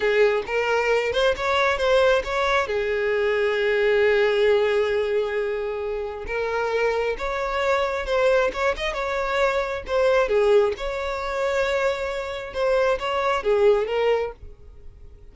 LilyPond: \new Staff \with { instrumentName = "violin" } { \time 4/4 \tempo 4 = 134 gis'4 ais'4. c''8 cis''4 | c''4 cis''4 gis'2~ | gis'1~ | gis'2 ais'2 |
cis''2 c''4 cis''8 dis''8 | cis''2 c''4 gis'4 | cis''1 | c''4 cis''4 gis'4 ais'4 | }